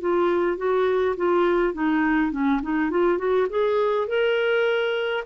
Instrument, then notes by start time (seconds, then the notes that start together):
clarinet
0.00 F4
0.57 F#4
1.17 F4
1.73 D#4
2.31 C#4
2.62 D#4
2.90 F4
3.18 F#4
3.49 G#4
4.08 A#4